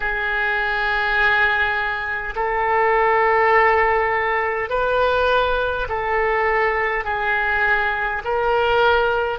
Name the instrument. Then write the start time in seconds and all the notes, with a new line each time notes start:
oboe
0.00 G#4
2.35 A4
4.70 B4
5.88 A4
7.04 G#4
8.24 A#4